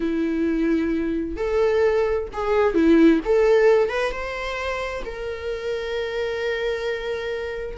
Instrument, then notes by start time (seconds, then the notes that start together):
viola
0.00 E4
1.36 A4
2.33 G#4
2.74 E4
3.24 A4
3.89 B4
4.11 C5
5.05 A#4